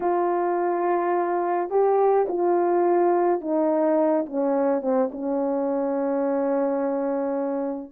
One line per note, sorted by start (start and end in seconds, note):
0.00 1.70 F4
1.70 2.26 G4
2.28 3.40 F4
3.40 4.25 D#4
4.26 4.81 C#4
4.81 5.09 C4
5.11 7.92 C#4